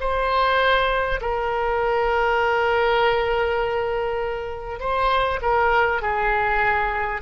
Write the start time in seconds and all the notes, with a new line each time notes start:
0.00 C5
1.21 A#4
4.79 C5
5.42 A#4
6.01 G#4